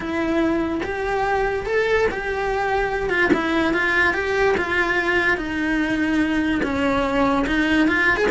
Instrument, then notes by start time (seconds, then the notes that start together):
cello
0.00 E4
0.83 G4
1.66 A4
2.11 G4
3.09 F4
3.33 E4
3.73 F4
4.13 G4
4.57 F4
5.37 D#4
6.62 C#4
7.46 D#4
7.87 F4
8.16 G#4